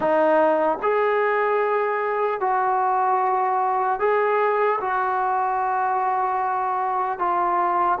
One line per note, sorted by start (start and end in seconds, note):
0.00 0.78 D#4
0.82 2.40 G#4
2.40 3.99 F#4
3.99 4.79 G#4
4.80 7.19 F#4
7.19 7.99 F4